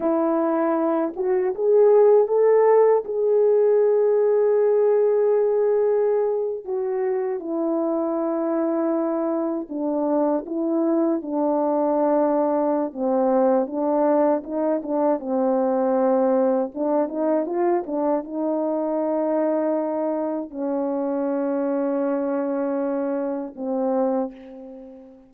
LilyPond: \new Staff \with { instrumentName = "horn" } { \time 4/4 \tempo 4 = 79 e'4. fis'8 gis'4 a'4 | gis'1~ | gis'8. fis'4 e'2~ e'16~ | e'8. d'4 e'4 d'4~ d'16~ |
d'4 c'4 d'4 dis'8 d'8 | c'2 d'8 dis'8 f'8 d'8 | dis'2. cis'4~ | cis'2. c'4 | }